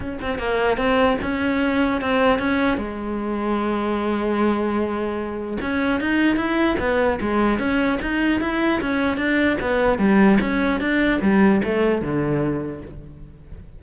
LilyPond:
\new Staff \with { instrumentName = "cello" } { \time 4/4 \tempo 4 = 150 cis'8 c'8 ais4 c'4 cis'4~ | cis'4 c'4 cis'4 gis4~ | gis1~ | gis2 cis'4 dis'4 |
e'4 b4 gis4 cis'4 | dis'4 e'4 cis'4 d'4 | b4 g4 cis'4 d'4 | g4 a4 d2 | }